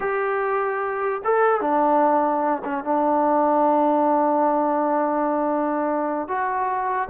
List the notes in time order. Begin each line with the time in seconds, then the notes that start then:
0.00 G4
1.24 A4
1.61 D4
2.64 C#4
2.84 D4
6.27 F#4